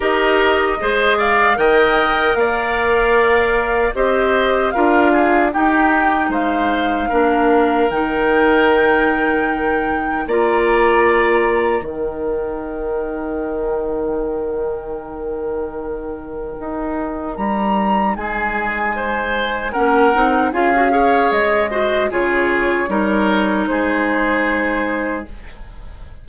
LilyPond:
<<
  \new Staff \with { instrumentName = "flute" } { \time 4/4 \tempo 4 = 76 dis''4. f''8 g''4 f''4~ | f''4 dis''4 f''4 g''4 | f''2 g''2~ | g''4 ais''2 g''4~ |
g''1~ | g''2 ais''4 gis''4~ | gis''4 fis''4 f''4 dis''4 | cis''2 c''2 | }
  \new Staff \with { instrumentName = "oboe" } { \time 4/4 ais'4 c''8 d''8 dis''4 d''4~ | d''4 c''4 ais'8 gis'8 g'4 | c''4 ais'2.~ | ais'4 d''2 ais'4~ |
ais'1~ | ais'2. gis'4 | c''4 ais'4 gis'8 cis''4 c''8 | gis'4 ais'4 gis'2 | }
  \new Staff \with { instrumentName = "clarinet" } { \time 4/4 g'4 gis'4 ais'2~ | ais'4 g'4 f'4 dis'4~ | dis'4 d'4 dis'2~ | dis'4 f'2 dis'4~ |
dis'1~ | dis'1~ | dis'4 cis'8 dis'8 f'16 fis'16 gis'4 fis'8 | f'4 dis'2. | }
  \new Staff \with { instrumentName = "bassoon" } { \time 4/4 dis'4 gis4 dis4 ais4~ | ais4 c'4 d'4 dis'4 | gis4 ais4 dis2~ | dis4 ais2 dis4~ |
dis1~ | dis4 dis'4 g4 gis4~ | gis4 ais8 c'8 cis'4 gis4 | cis4 g4 gis2 | }
>>